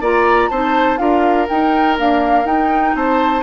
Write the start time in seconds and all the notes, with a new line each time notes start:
0.00 A#3 F4 D5 A#5
0.49 C4 D#4 C5 A5
0.97 D4 F4 A#4 F5
1.49 D#4 G5
1.98 A#3 D4 F5
2.45 D#4 G5
2.95 C4 C5 A5